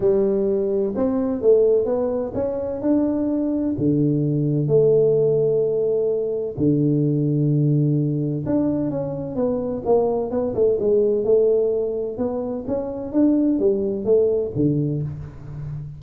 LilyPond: \new Staff \with { instrumentName = "tuba" } { \time 4/4 \tempo 4 = 128 g2 c'4 a4 | b4 cis'4 d'2 | d2 a2~ | a2 d2~ |
d2 d'4 cis'4 | b4 ais4 b8 a8 gis4 | a2 b4 cis'4 | d'4 g4 a4 d4 | }